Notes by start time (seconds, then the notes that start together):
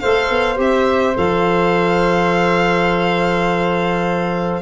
0.00 A3 A4 C5 F5
0.30 B3
0.56 C4 G4 E5
1.16 F3 A4 F5